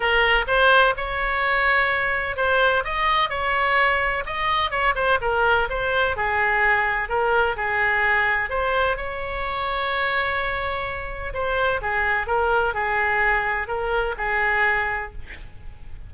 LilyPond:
\new Staff \with { instrumentName = "oboe" } { \time 4/4 \tempo 4 = 127 ais'4 c''4 cis''2~ | cis''4 c''4 dis''4 cis''4~ | cis''4 dis''4 cis''8 c''8 ais'4 | c''4 gis'2 ais'4 |
gis'2 c''4 cis''4~ | cis''1 | c''4 gis'4 ais'4 gis'4~ | gis'4 ais'4 gis'2 | }